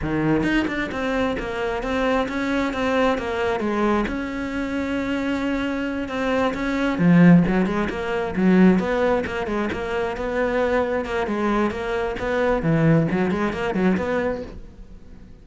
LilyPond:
\new Staff \with { instrumentName = "cello" } { \time 4/4 \tempo 4 = 133 dis4 dis'8 d'8 c'4 ais4 | c'4 cis'4 c'4 ais4 | gis4 cis'2.~ | cis'4. c'4 cis'4 f8~ |
f8 fis8 gis8 ais4 fis4 b8~ | b8 ais8 gis8 ais4 b4.~ | b8 ais8 gis4 ais4 b4 | e4 fis8 gis8 ais8 fis8 b4 | }